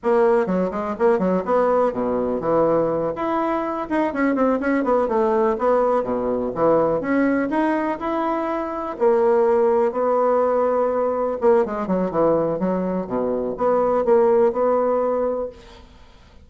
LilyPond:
\new Staff \with { instrumentName = "bassoon" } { \time 4/4 \tempo 4 = 124 ais4 fis8 gis8 ais8 fis8 b4 | b,4 e4. e'4. | dis'8 cis'8 c'8 cis'8 b8 a4 b8~ | b8 b,4 e4 cis'4 dis'8~ |
dis'8 e'2 ais4.~ | ais8 b2. ais8 | gis8 fis8 e4 fis4 b,4 | b4 ais4 b2 | }